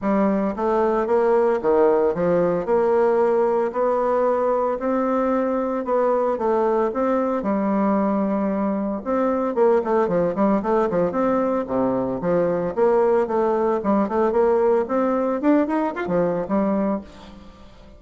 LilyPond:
\new Staff \with { instrumentName = "bassoon" } { \time 4/4 \tempo 4 = 113 g4 a4 ais4 dis4 | f4 ais2 b4~ | b4 c'2 b4 | a4 c'4 g2~ |
g4 c'4 ais8 a8 f8 g8 | a8 f8 c'4 c4 f4 | ais4 a4 g8 a8 ais4 | c'4 d'8 dis'8 f'16 f8. g4 | }